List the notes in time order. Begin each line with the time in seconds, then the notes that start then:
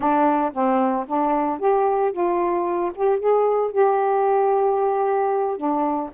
0.00 D4
0.53 C4
1.07 D4
1.59 G4
2.11 F4
2.94 G4
3.19 G#4
3.71 G4
5.57 D4